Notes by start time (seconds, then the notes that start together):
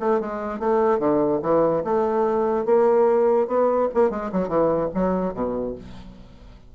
0.00 A3
0.20 G#3
0.60 A3
0.99 D3
1.42 E3
1.85 A3
2.66 A#3
3.48 B3
3.94 A#3
4.11 G#3
4.33 F#3
4.48 E3
4.94 F#3
5.34 B2